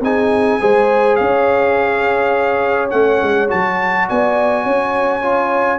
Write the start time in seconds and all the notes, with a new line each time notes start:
0.00 C4 D#4 G#4 G#5
0.60 G#3 G#4 C5
1.15 C#4 C#5 F5
2.90 A3 C#4 F#5
3.22 G#3
3.48 F#3 F#4 A5
4.08 B3 D5 G#5
4.63 C#4 C#5
5.22 F4